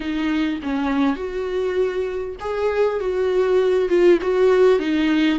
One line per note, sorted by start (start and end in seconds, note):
0.00 0.59 D#4
0.62 1.16 C#4
1.16 2.36 F#4
2.40 3.00 G#4
3.00 3.88 F#4
3.88 4.18 F4
4.21 4.79 F#4
4.79 5.39 D#4